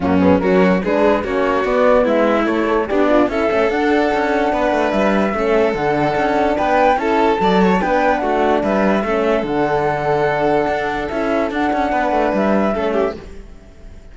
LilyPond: <<
  \new Staff \with { instrumentName = "flute" } { \time 4/4 \tempo 4 = 146 fis'8 gis'8 ais'4 b'4 cis''4 | d''4 e''4 cis''4 d''4 | e''4 fis''2. | e''2 fis''2 |
g''4 a''2 g''4 | fis''4 e''2 fis''4~ | fis''2. e''4 | fis''2 e''2 | }
  \new Staff \with { instrumentName = "violin" } { \time 4/4 cis'4 fis'4 gis'4 fis'4~ | fis'4 e'2 d'4 | a'2. b'4~ | b'4 a'2. |
b'4 a'4 d''8 cis''8 b'4 | fis'4 b'4 a'2~ | a'1~ | a'4 b'2 a'8 g'8 | }
  \new Staff \with { instrumentName = "horn" } { \time 4/4 ais8 b8 cis'4 d'4 cis'4 | b2 a8 a'8 g'8 f'8 | e'8 cis'8 d'2.~ | d'4 cis'4 d'2~ |
d'4 e'4 a'4 d'4~ | d'2 cis'4 d'4~ | d'2. e'4 | d'2. cis'4 | }
  \new Staff \with { instrumentName = "cello" } { \time 4/4 fis,4 fis4 gis4 ais4 | b4 gis4 a4 b4 | cis'8 a8 d'4 cis'4 b8 a8 | g4 a4 d4 cis'4 |
b4 cis'4 fis4 b4 | a4 g4 a4 d4~ | d2 d'4 cis'4 | d'8 cis'8 b8 a8 g4 a4 | }
>>